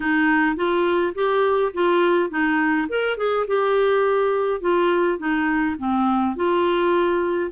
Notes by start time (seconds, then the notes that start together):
0.00 D#4
0.56 F4
1.14 G4
1.73 F4
2.29 D#4
2.88 A#4
3.17 G#4
3.47 G4
4.60 F4
5.18 D#4
5.78 C4
6.36 F4